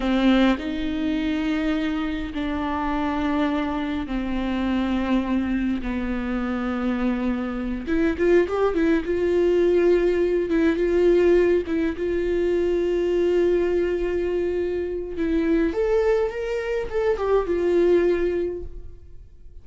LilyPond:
\new Staff \with { instrumentName = "viola" } { \time 4/4 \tempo 4 = 103 c'4 dis'2. | d'2. c'4~ | c'2 b2~ | b4. e'8 f'8 g'8 e'8 f'8~ |
f'2 e'8 f'4. | e'8 f'2.~ f'8~ | f'2 e'4 a'4 | ais'4 a'8 g'8 f'2 | }